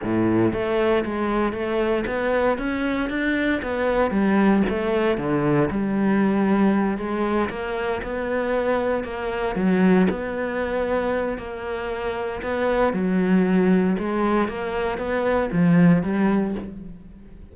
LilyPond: \new Staff \with { instrumentName = "cello" } { \time 4/4 \tempo 4 = 116 a,4 a4 gis4 a4 | b4 cis'4 d'4 b4 | g4 a4 d4 g4~ | g4. gis4 ais4 b8~ |
b4. ais4 fis4 b8~ | b2 ais2 | b4 fis2 gis4 | ais4 b4 f4 g4 | }